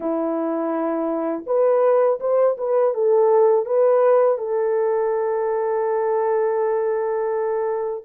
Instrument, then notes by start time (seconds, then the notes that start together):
horn
0.00 E4
1.46 B4
2.20 C5
2.57 B4
2.93 A4
3.65 B4
4.37 A4